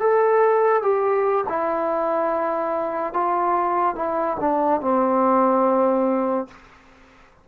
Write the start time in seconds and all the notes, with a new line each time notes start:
0.00 A4
0.82 G4
1.49 E4
3.13 F4
3.96 E4
4.40 D4
4.81 C4